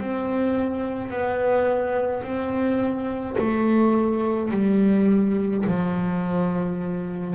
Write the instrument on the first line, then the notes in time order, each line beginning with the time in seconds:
double bass
0.00 C4
1.11 B3
2.24 C4
3.39 A3
4.52 G3
5.67 F3